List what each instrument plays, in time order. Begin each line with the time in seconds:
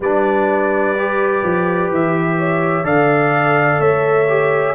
0.00 tuba G3, trombone D4, horn B4, trumpet D5
0.97 trombone G4
1.43 tuba F3
1.89 tuba E3, trumpet E5
2.38 horn C#5
2.83 tuba D3, trombone A4, horn D5, trumpet F5
3.79 tuba A3, horn C#5, trumpet E5
4.28 trombone G4